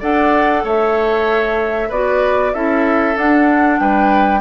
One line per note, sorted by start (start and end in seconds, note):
0.00 0.64 D4
0.00 1.90 A4
0.00 0.63 D5
0.00 0.65 F#5
0.64 1.90 A3
0.64 1.89 C#5
0.64 1.91 E5
1.89 2.54 B3
1.89 2.54 F#4
1.89 2.52 B4
1.89 2.54 D5
2.54 3.16 C#4
2.54 3.15 E4
2.54 3.80 A4
2.54 3.17 E5
3.15 4.40 D4
3.15 3.79 D4
3.15 3.79 F#5
3.79 4.40 G3
3.79 4.40 B4
3.79 4.40 G5